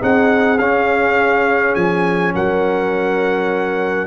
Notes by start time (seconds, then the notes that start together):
0.00 C4 D#4 G#4 F#5
0.58 C#4 F5
1.75 F3 G#5
2.35 F#3 A#4 F#5